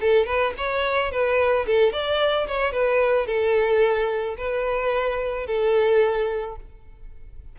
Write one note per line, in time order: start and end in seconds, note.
0.00 0.26 A4
0.26 0.53 B4
0.57 1.11 C#5
1.11 1.66 B4
1.66 1.92 A4
1.92 2.47 D5
2.47 2.72 C#5
2.72 3.27 B4
3.27 4.36 A4
4.37 5.46 B4
5.46 6.55 A4